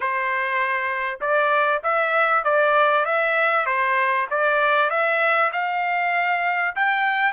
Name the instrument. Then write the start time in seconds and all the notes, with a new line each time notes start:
trumpet
0.00 C5
1.21 D5
1.83 E5
2.44 D5
3.05 E5
3.66 C5
4.30 D5
4.90 E5
5.52 F5
6.75 G5